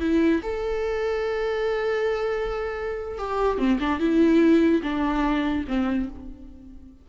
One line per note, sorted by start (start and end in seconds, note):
0.00 0.41 E4
0.42 3.18 A4
3.18 3.58 G4
3.58 3.78 C4
3.80 3.99 D4
3.99 4.81 E4
4.82 5.64 D4
5.67 6.09 C4